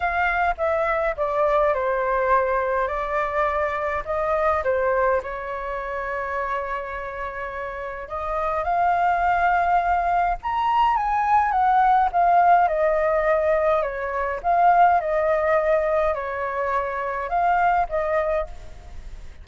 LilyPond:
\new Staff \with { instrumentName = "flute" } { \time 4/4 \tempo 4 = 104 f''4 e''4 d''4 c''4~ | c''4 d''2 dis''4 | c''4 cis''2.~ | cis''2 dis''4 f''4~ |
f''2 ais''4 gis''4 | fis''4 f''4 dis''2 | cis''4 f''4 dis''2 | cis''2 f''4 dis''4 | }